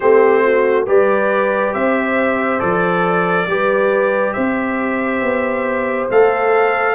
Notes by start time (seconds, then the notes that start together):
0.00 A3 C4 G4 C5
0.44 F#4
0.86 G3 G4 B4 D5
1.73 C4 C5 E5
2.59 F3 A4 D5
3.46 G3 G4 B4
4.33 C4 C5 E5
5.21 B3
6.09 A3 A4 F5